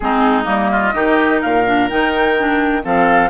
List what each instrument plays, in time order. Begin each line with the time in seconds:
0.00 bassoon G#3, clarinet C4, oboe D#4, flute G#4
0.44 bassoon G3, clarinet A#3, flute D#5
0.71 oboe F4
0.93 bassoon D#3, clarinet D#4, oboe G4
1.40 bassoon A#2, oboe A#4, flute F5
1.65 clarinet D4
1.89 bassoon D#3, clarinet D#4, flute G5
2.38 clarinet D4
2.82 bassoon F3, clarinet C4, oboe A4, flute F5